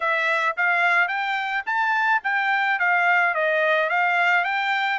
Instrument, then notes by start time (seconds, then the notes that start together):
trumpet
0.00 E5
0.56 F5
1.07 G5
1.65 A5
2.23 G5
2.79 F5
3.34 D#5
3.89 F5
4.44 G5